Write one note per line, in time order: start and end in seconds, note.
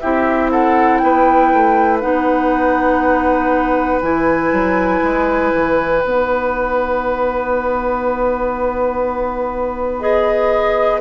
0.00 1.03 C4
0.00 2.01 E4
0.00 0.51 G4
0.00 0.50 E5
0.51 1.01 A4
0.51 0.98 F#5
0.98 1.53 B3
0.98 11.01 B4
0.98 1.98 G5
1.53 2.03 A3
2.00 4.02 B3
2.00 4.01 D#4
2.00 4.00 F#5
4.02 4.52 E3
4.02 6.02 E4
4.02 6.02 G#5
4.52 5.02 F#3
5.03 5.53 G#3
5.54 6.04 E3
6.02 11.01 B3
6.02 10.01 D#4
6.02 10.00 F#5
10.00 11.01 G#4
10.00 11.00 D#5